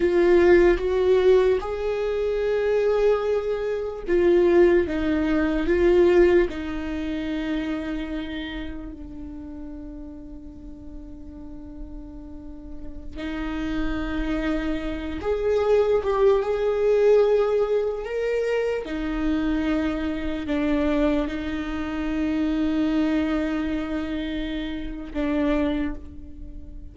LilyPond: \new Staff \with { instrumentName = "viola" } { \time 4/4 \tempo 4 = 74 f'4 fis'4 gis'2~ | gis'4 f'4 dis'4 f'4 | dis'2. d'4~ | d'1~ |
d'16 dis'2~ dis'8 gis'4 g'16~ | g'16 gis'2 ais'4 dis'8.~ | dis'4~ dis'16 d'4 dis'4.~ dis'16~ | dis'2. d'4 | }